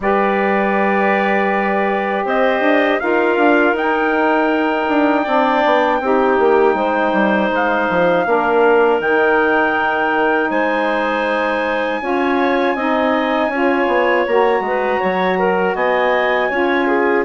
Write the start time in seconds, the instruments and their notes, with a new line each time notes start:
0.00 bassoon G3, saxophone G4, clarinet B4, trumpet D5
2.24 bassoon C4, clarinet C5, trumpet D#5
2.60 bassoon D4
3.00 bassoon D#4, saxophone F4, clarinet A#4, trumpet F5
3.37 bassoon D4
3.72 bassoon D#4, saxophone D#4, trumpet G5
4.88 bassoon D4
5.22 bassoon C4, saxophone D4, clarinet D5
5.65 bassoon B3
6.00 bassoon C4, saxophone D#4, clarinet G4
6.39 bassoon A#3
6.74 bassoon G#3, clarinet C5
7.12 bassoon G3
7.51 bassoon G#3, trumpet F5
7.89 bassoon F3
8.25 bassoon A#3, saxophone D4, clarinet A#4
8.99 bassoon D#3, saxophone D#4, trumpet G5
10.50 bassoon G#3, clarinet C5, trumpet G#5
12.01 bassoon C#4, saxophone F4, clarinet C#5
12.74 bassoon C4, saxophone D#4, clarinet D#5
13.48 bassoon C#4, saxophone F4, clarinet C#5
13.87 bassoon B3
14.26 bassoon A#3, saxophone F#4, trumpet A#5
14.60 bassoon G#3
14.66 clarinet B4
15.00 bassoon F#3, clarinet C#5
15.38 clarinet A#4
15.74 bassoon B3, clarinet D#5, trumpet G#5
16.50 bassoon C#4, saxophone F4, clarinet C#5
16.87 clarinet G#4